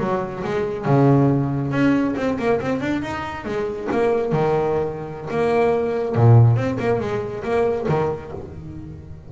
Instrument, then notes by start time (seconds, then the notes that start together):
double bass
0.00 F#3
0.44 G#3
0.86 C#3
1.72 C#4
2.17 C4
2.39 A#3
2.61 C4
2.81 D4
3.03 D#4
3.45 G#3
3.92 A#3
4.33 D#3
5.31 A#3
6.15 A#2
6.57 C4
6.79 A#3
7.00 G#3
7.44 A#3
7.89 D#3